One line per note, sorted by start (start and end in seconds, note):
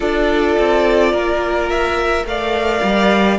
0.00 0.57 D4
0.00 2.25 F4
0.00 1.12 A4
0.00 1.69 D5
0.58 1.13 C4
1.12 2.24 A#3
1.12 2.25 A#4
1.69 2.25 E5
2.24 2.80 A3
2.24 3.38 A#4
2.24 3.38 D5
2.24 3.38 F5
2.82 3.38 G3